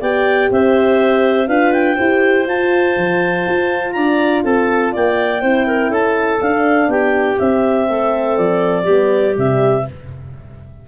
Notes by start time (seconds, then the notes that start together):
0.00 B3 G4 D5 G5
0.50 C4 C5 E5
1.47 D4 F4 B4 F5
1.72 G5
1.95 E4 G4 C5
2.46 F4 A5
2.96 F3
3.47 F4
3.92 D4 D5 A#5
4.44 C4 A4 A5
4.92 A#3 D5 G5
5.41 C4 E4 C5
5.66 A#4
5.89 C#4 A4 A5
6.40 D4 F5
6.87 B3 G4 G5
7.39 C4 E5
7.88 A3 A4
8.36 F3 D5
8.83 G3 B3 G4
9.35 C3 G3 E5